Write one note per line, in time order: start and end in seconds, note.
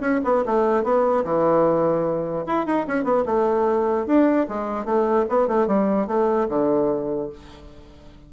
0.00 0.20 C#4
0.24 0.44 B3
0.45 0.83 A3
0.83 1.24 B3
1.24 2.45 E3
2.46 2.66 E4
2.66 2.86 D#4
2.87 3.04 C#4
3.04 3.24 B3
3.25 4.06 A3
4.06 4.46 D4
4.48 4.85 G#3
4.85 5.25 A3
5.29 5.47 B3
5.47 5.67 A3
5.67 6.07 G3
6.07 6.47 A3
6.49 7.29 D3